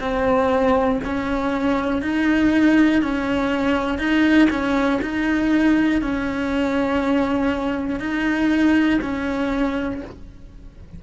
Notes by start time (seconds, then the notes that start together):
0.00 C4
1.04 C#4
2.01 D#4
3.01 C#4
3.98 D#4
4.50 C#4
5.02 D#4
6.01 C#4
7.99 D#4
9.01 C#4